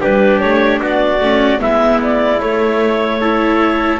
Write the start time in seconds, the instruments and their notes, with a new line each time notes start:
0.00 double bass G3, viola D4, trumpet G4, clarinet B4
0.40 double bass A3, clarinet C#5
0.80 double bass B3, trumpet F#4, clarinet D5
1.21 double bass A3, viola C#4
1.59 double bass G#3, viola B3, trumpet E4, clarinet E5
2.03 clarinet D5
2.39 double bass A3, viola A3, clarinet C#5
3.20 viola E4, trumpet A4